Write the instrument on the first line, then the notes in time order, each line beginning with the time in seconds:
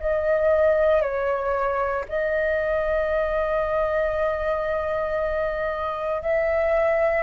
flute
0.00 D#5
1.02 C#5
2.09 D#5
6.22 E5